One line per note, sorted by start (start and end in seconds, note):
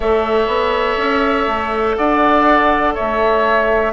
0.00 0.47 A3
0.00 3.92 A4
0.00 1.95 C#5
0.00 1.95 E5
0.47 0.96 B3
0.97 1.46 C#4
1.47 1.96 A3
1.96 2.97 D4
1.96 2.94 D5
1.96 2.94 F#5
2.94 3.92 A3
2.94 3.92 C#5
2.94 3.92 E5